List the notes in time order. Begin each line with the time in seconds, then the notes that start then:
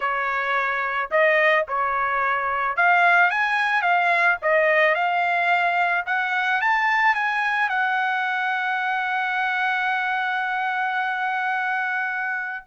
0.00 C#5
1.10 D#5
1.68 C#5
2.76 F5
3.30 G#5
3.81 F5
4.42 D#5
4.94 F5
6.06 F#5
6.61 A5
7.15 G#5
7.69 F#5